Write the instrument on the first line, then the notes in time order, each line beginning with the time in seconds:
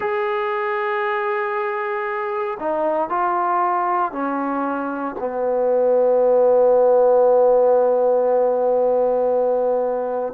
trombone
0.00 G#4
2.59 D#4
3.09 F4
4.11 C#4
5.19 B3